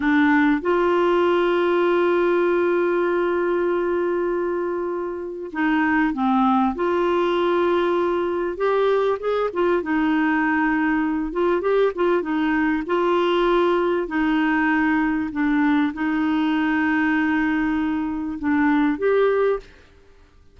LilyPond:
\new Staff \with { instrumentName = "clarinet" } { \time 4/4 \tempo 4 = 98 d'4 f'2.~ | f'1~ | f'4 dis'4 c'4 f'4~ | f'2 g'4 gis'8 f'8 |
dis'2~ dis'8 f'8 g'8 f'8 | dis'4 f'2 dis'4~ | dis'4 d'4 dis'2~ | dis'2 d'4 g'4 | }